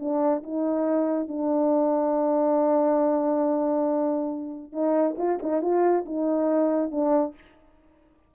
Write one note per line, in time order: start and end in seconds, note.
0.00 0.43 D4
0.44 1.28 D#4
1.28 4.73 D4
4.73 5.16 D#4
5.18 5.40 F4
5.43 5.62 D#4
5.62 6.05 F4
6.06 6.92 D#4
6.92 7.35 D4